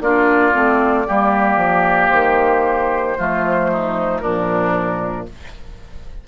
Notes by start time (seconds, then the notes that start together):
0.00 A#3 D4 F4 D5
0.52 A3 C4
1.07 G3 A#3 G4
1.56 F3
2.08 D#3 C5
3.17 F3 A3 F4
3.71 D#4
4.19 A#2 F3 D4 A#4